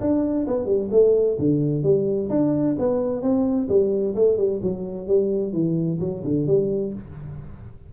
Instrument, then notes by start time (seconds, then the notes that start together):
tuba
0.00 D4
0.47 B3
0.65 G3
0.91 A3
1.38 D3
1.83 G3
2.30 D4
2.78 B3
3.22 C4
3.69 G3
4.15 A3
4.37 G3
4.62 F#3
5.07 G3
5.53 E3
6.00 F#3
6.24 D3
6.47 G3